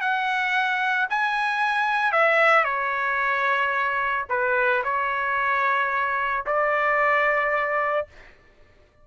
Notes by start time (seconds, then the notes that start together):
0.00 F#5
1.10 G#5
2.12 E5
2.64 C#5
4.29 B4
4.83 C#5
6.46 D5